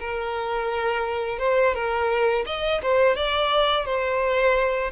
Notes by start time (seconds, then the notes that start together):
0.00 A#4
1.39 C5
1.75 A#4
2.46 D#5
2.83 C5
3.16 D5
3.86 C5